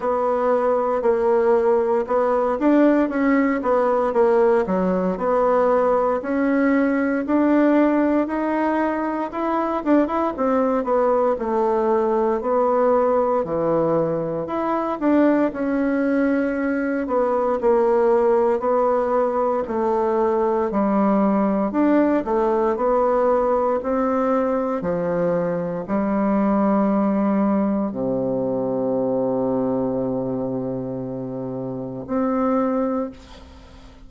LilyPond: \new Staff \with { instrumentName = "bassoon" } { \time 4/4 \tempo 4 = 58 b4 ais4 b8 d'8 cis'8 b8 | ais8 fis8 b4 cis'4 d'4 | dis'4 e'8 d'16 e'16 c'8 b8 a4 | b4 e4 e'8 d'8 cis'4~ |
cis'8 b8 ais4 b4 a4 | g4 d'8 a8 b4 c'4 | f4 g2 c4~ | c2. c'4 | }